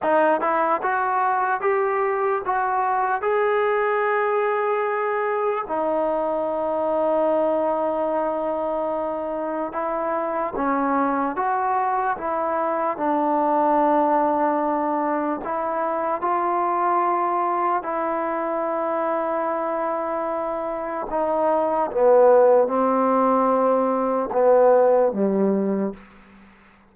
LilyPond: \new Staff \with { instrumentName = "trombone" } { \time 4/4 \tempo 4 = 74 dis'8 e'8 fis'4 g'4 fis'4 | gis'2. dis'4~ | dis'1 | e'4 cis'4 fis'4 e'4 |
d'2. e'4 | f'2 e'2~ | e'2 dis'4 b4 | c'2 b4 g4 | }